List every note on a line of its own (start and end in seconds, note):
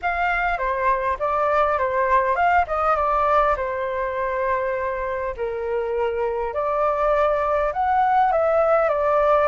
0.02 0.58 F5
0.58 1.17 C5
1.19 1.78 D5
1.78 2.35 C5
2.35 2.65 F5
2.67 2.96 D#5
2.96 3.55 D5
3.56 5.34 C5
5.36 6.53 A#4
6.53 7.72 D5
7.73 8.32 F#5
8.32 8.88 E5
8.88 9.47 D5